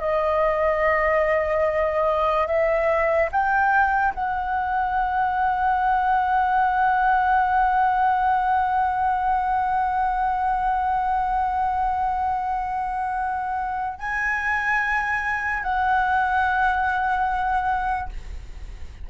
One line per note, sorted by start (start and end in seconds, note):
0.00 2.47 D#5
2.47 3.29 E5
3.32 4.14 G5
4.14 13.98 F#5
13.98 15.63 G#5
15.63 18.09 F#5